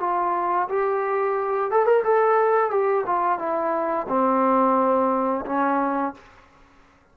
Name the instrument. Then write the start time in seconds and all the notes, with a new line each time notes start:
trombone
0.00 F4
0.69 G4
1.71 A4
1.86 A#4
2.04 A4
2.71 G4
3.07 F4
3.39 E4
4.09 C4
5.46 C#4